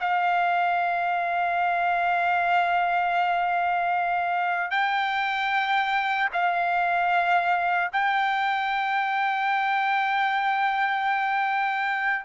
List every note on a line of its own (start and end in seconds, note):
0.00 4.71 F5
4.71 6.29 G5
6.33 7.91 F5
7.93 12.25 G5